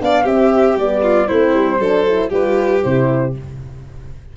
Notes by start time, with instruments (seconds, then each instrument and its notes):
0.00 tuba B3, horn D4, violin D5, flute F5
0.23 tuba C4, horn C4, violin G4, flute E5
0.76 tuba G3, horn B3, flute D5
1.02 violin F4
1.27 tuba A3, horn C4, violin E4, flute C5
1.53 tuba G3
1.79 tuba F#3, horn D4, violin A4
2.06 horn E4
2.29 tuba G3, horn F4, violin G4, flute B4
2.81 tuba C3, horn E4, flute C5